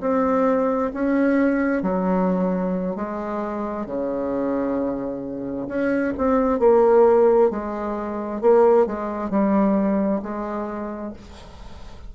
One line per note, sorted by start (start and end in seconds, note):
0.00 0.91 C4
0.93 1.82 C#4
1.82 2.95 F#3
2.95 3.86 G#3
3.86 5.67 C#3
5.68 6.13 C#4
6.17 6.59 C4
6.59 7.50 A#3
7.50 8.41 G#3
8.41 8.86 A#3
8.86 9.30 G#3
9.30 10.21 G3
10.22 11.13 G#3